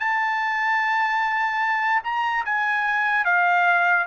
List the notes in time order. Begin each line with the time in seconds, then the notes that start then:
0.00 A5
2.04 A#5
2.45 G#5
3.25 F5